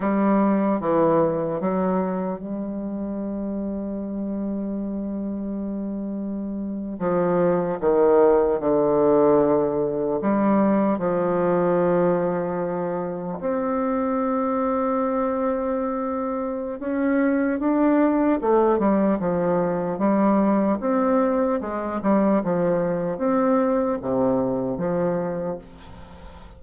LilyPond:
\new Staff \with { instrumentName = "bassoon" } { \time 4/4 \tempo 4 = 75 g4 e4 fis4 g4~ | g1~ | g8. f4 dis4 d4~ d16~ | d8. g4 f2~ f16~ |
f8. c'2.~ c'16~ | c'4 cis'4 d'4 a8 g8 | f4 g4 c'4 gis8 g8 | f4 c'4 c4 f4 | }